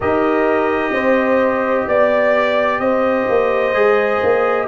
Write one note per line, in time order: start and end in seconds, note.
0.00 0.92 D#4
0.00 3.73 G4
0.00 0.92 A#4
0.00 1.88 D#5
0.92 1.86 C4
0.92 1.88 C5
1.87 2.79 B3
1.87 2.79 D5
1.87 2.81 D5
2.79 3.26 C4
2.79 4.67 C5
2.79 4.67 D#5
3.28 3.73 A#3
3.73 4.20 G#3
3.73 4.67 G#4
4.22 4.67 A#3